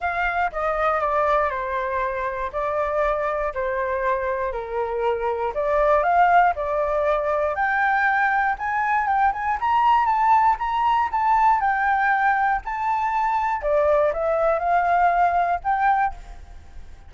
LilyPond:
\new Staff \with { instrumentName = "flute" } { \time 4/4 \tempo 4 = 119 f''4 dis''4 d''4 c''4~ | c''4 d''2 c''4~ | c''4 ais'2 d''4 | f''4 d''2 g''4~ |
g''4 gis''4 g''8 gis''8 ais''4 | a''4 ais''4 a''4 g''4~ | g''4 a''2 d''4 | e''4 f''2 g''4 | }